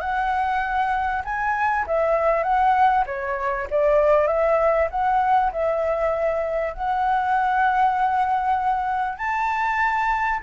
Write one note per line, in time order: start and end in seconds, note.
0.00 1.22 F#5
1.24 1.86 G#5
1.87 2.43 E5
2.43 3.04 F#5
3.06 3.68 C#5
3.70 4.27 D5
4.27 4.88 E5
4.91 5.52 F#5
5.52 6.73 E5
6.73 9.18 F#5
9.18 10.40 A5